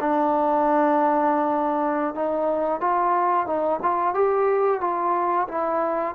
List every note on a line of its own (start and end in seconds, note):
0.00 2.14 D4
2.14 2.80 D#4
2.80 3.46 F4
3.46 3.79 D#4
3.82 4.14 F4
4.14 4.80 G4
4.80 5.47 F4
5.48 6.15 E4